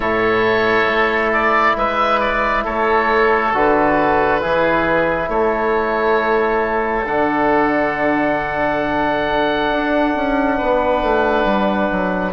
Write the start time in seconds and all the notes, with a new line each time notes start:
0.00 A2 E4 A4 C#5
0.85 A3
1.32 D5
1.76 G#3 B4 E5
2.20 D5
2.64 A3 A4 C#5
3.53 D3 F#4 B4
4.40 E3 E4 G#4
5.28 A3 A4 C#5
7.04 D3 D4 F#5
9.71 D4
10.15 C#4
10.57 B3 B4
11.02 A3
11.44 G3
11.91 F#3